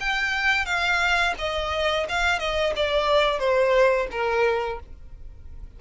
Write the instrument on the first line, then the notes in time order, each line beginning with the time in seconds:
violin
0.00 G5
0.66 F5
1.39 D#5
2.09 F5
2.39 D#5
2.76 D5
3.39 C5
4.12 A#4